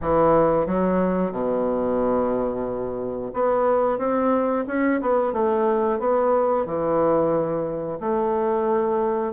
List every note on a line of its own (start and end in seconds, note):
0.01 0.66 E3
0.66 1.31 F#3
1.31 3.31 B2
3.33 3.98 B3
3.98 4.65 C4
4.67 5.00 C#4
5.01 5.32 B3
5.32 5.98 A3
5.98 6.65 B3
6.65 7.98 E3
8.00 9.33 A3